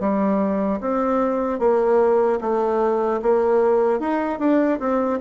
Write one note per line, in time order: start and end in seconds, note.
0.00 0.80 G3
0.80 1.59 C4
1.59 2.39 A#3
2.41 3.21 A3
3.22 3.99 A#3
3.99 4.39 D#4
4.39 4.79 D4
4.80 5.20 C4